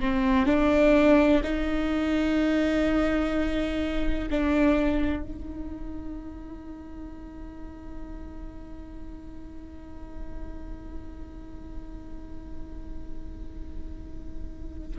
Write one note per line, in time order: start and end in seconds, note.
0.00 0.46 C4
0.46 1.41 D4
1.43 4.29 D#4
4.30 5.23 D4
5.23 14.99 D#4